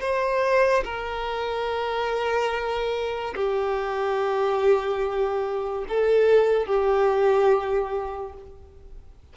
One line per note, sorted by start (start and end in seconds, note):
0.00 0.83 C5
0.84 3.34 A#4
3.35 5.85 G4
5.88 6.66 A4
6.66 8.33 G4